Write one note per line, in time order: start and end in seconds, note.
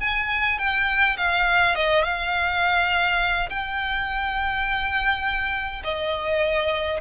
0.00 0.58 G#5
0.59 1.17 G5
1.18 1.76 F5
1.76 2.04 D#5
2.04 3.50 F5
3.50 5.83 G5
5.84 7.01 D#5